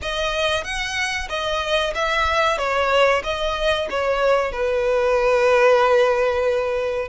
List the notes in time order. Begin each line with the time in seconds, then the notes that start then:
0.02 D#5
0.64 F#5
1.29 D#5
1.94 E5
2.57 C#5
3.23 D#5
3.90 C#5
4.52 B4